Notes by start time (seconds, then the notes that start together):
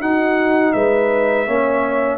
0.00 D#4 F#4 F#5
0.73 G#3 B4 E5
1.47 A#3 C#4 C#5